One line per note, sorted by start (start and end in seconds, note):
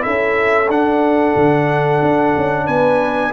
0.00 0.66 E4
0.00 2.66 A4
0.00 0.69 E5
0.07 0.69 C#4
0.69 1.35 D4
0.69 3.34 D4
0.69 2.67 F#5
1.36 2.02 D3
2.02 2.35 D4
2.37 2.68 C#4
2.66 3.34 B3
2.66 3.31 B4
2.66 3.33 G#5